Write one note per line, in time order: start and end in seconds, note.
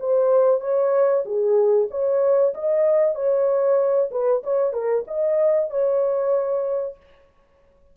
0.00 0.61 C5
0.61 1.24 C#5
1.25 1.89 G#4
1.91 2.54 C#5
2.54 3.15 D#5
3.15 4.10 C#5
4.11 4.43 B4
4.44 4.73 C#5
4.73 5.05 A#4
5.08 5.70 D#5
5.70 6.97 C#5